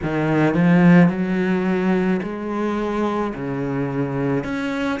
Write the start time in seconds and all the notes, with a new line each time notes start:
0.03 D#3
0.54 F3
1.09 F#3
2.22 G#3
3.34 C#3
4.43 C#4